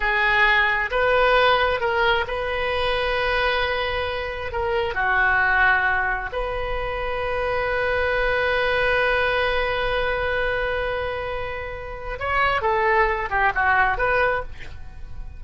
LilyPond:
\new Staff \with { instrumentName = "oboe" } { \time 4/4 \tempo 4 = 133 gis'2 b'2 | ais'4 b'2.~ | b'2 ais'4 fis'4~ | fis'2 b'2~ |
b'1~ | b'1~ | b'2. cis''4 | a'4. g'8 fis'4 b'4 | }